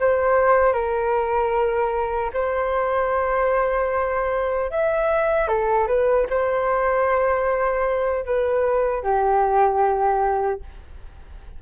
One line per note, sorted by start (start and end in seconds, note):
0.00 0.73 C5
0.73 2.31 A#4
2.34 4.70 C5
4.71 5.48 E5
5.48 5.87 A4
5.87 6.27 B4
6.30 8.25 C5
8.25 9.03 B4
9.03 10.61 G4